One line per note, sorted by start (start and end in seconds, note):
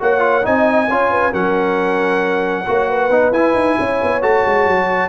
0.00 0.46 A#3
0.00 0.20 F#4
0.00 0.46 C#5
0.00 0.46 F#5
0.20 0.42 F4
0.43 0.89 C4
0.43 0.87 D#4
0.43 0.90 D#5
0.43 1.34 G#5
0.89 1.33 C#4
0.89 1.32 F4
0.89 1.11 C#5
1.11 1.32 B4
1.32 2.67 F#3
1.32 2.66 C#4
1.32 2.65 A#4
1.32 3.33 F#5
2.67 3.10 A#3
2.67 3.11 F#4
2.67 2.90 C#5
2.90 3.79 B4
3.10 3.32 B3
3.10 3.33 D#4
3.32 3.54 E4
3.32 4.22 E4
3.32 4.22 G#5
3.55 3.77 D#4
3.80 4.02 C#4
3.80 5.09 C#5
4.03 4.22 B3
4.22 4.45 A3
4.22 5.09 F#4
4.22 5.09 A5
4.46 4.67 G#3
4.67 5.09 F#3